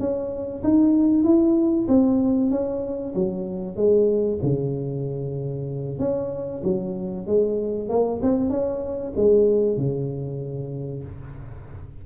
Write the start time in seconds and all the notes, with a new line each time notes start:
0.00 C#4
0.64 D#4
1.24 E4
1.89 C4
2.51 C#4
3.15 F#3
3.76 G#3
4.43 C#3
5.99 C#4
6.64 F#3
7.27 G#3
7.89 A#3
8.22 C4
8.50 C#4
9.16 G#3
9.77 C#3